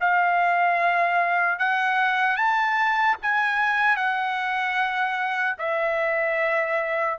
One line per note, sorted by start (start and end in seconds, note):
0.00 1.59 F5
1.59 2.36 F#5
2.36 3.16 A5
3.22 3.96 G#5
3.96 5.56 F#5
5.58 7.18 E5